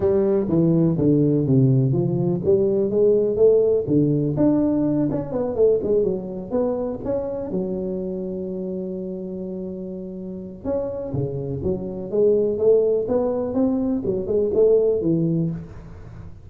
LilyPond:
\new Staff \with { instrumentName = "tuba" } { \time 4/4 \tempo 4 = 124 g4 e4 d4 c4 | f4 g4 gis4 a4 | d4 d'4. cis'8 b8 a8 | gis8 fis4 b4 cis'4 fis8~ |
fis1~ | fis2 cis'4 cis4 | fis4 gis4 a4 b4 | c'4 fis8 gis8 a4 e4 | }